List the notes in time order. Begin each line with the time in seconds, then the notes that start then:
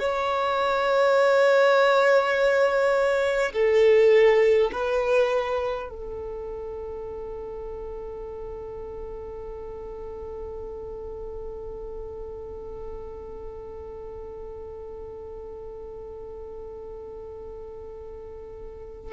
0.00 C#5
3.53 A4
4.72 B4
5.89 A4